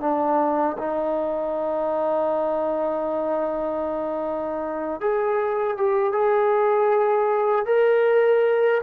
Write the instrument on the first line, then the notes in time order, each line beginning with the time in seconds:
trombone
0.00 D4
0.78 D#4
5.01 G#4
5.77 G4
6.13 G#4
7.66 A#4